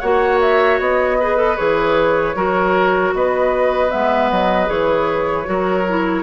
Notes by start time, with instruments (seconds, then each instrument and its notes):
0.00 bassoon A#3, clarinet F#4, oboe C#5, flute F#5
0.41 flute E5
0.80 bassoon B3, flute D#5
1.20 clarinet G#4, oboe B4
1.37 clarinet A4
1.57 bassoon E3, clarinet G#4, flute C#5
2.36 bassoon F#3, clarinet F#4, oboe A#4
3.14 bassoon B3, oboe B4, flute D#5
3.89 bassoon G#3, clarinet B3, flute E5
4.31 bassoon F#3, flute D#5
4.67 bassoon E3, clarinet G#4, flute C#5
5.45 bassoon F#3, clarinet F#4, oboe A#4
5.89 clarinet E4